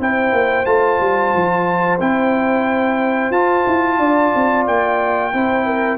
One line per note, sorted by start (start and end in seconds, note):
0.00 0.33 C4
0.00 0.66 E4
0.00 3.99 C5
0.00 0.66 G5
0.33 0.66 A#3
0.66 1.00 A3
0.66 1.99 F4
0.66 1.99 A5
1.01 1.34 G3
1.35 2.01 F3
2.01 3.31 C4
2.01 3.33 E4
2.01 3.32 G5
3.31 3.65 F4
3.31 5.33 F4
3.31 4.65 A5
3.67 3.99 E4
3.99 4.32 D4
3.99 5.33 D5
4.35 4.68 C4
4.67 5.34 A#3
4.67 5.98 G5
5.34 5.98 C4
5.34 5.98 E4
5.34 5.66 C5
5.66 5.98 A#4